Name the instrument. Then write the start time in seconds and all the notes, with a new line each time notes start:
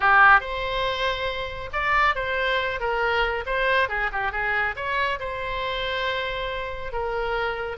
oboe
0.00 G4
0.40 C5
1.72 D5
2.15 C5
2.79 A#4
3.46 C5
3.88 G#4
4.12 G4
4.32 G#4
4.76 C#5
5.19 C5
6.92 A#4